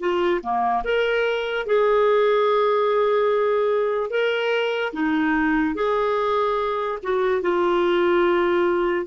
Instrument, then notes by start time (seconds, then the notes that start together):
clarinet
0.00 F4
0.43 A#3
0.84 A#4
1.66 G#4
4.11 A#4
4.93 D#4
5.75 G#4
7.03 F#4
7.42 F4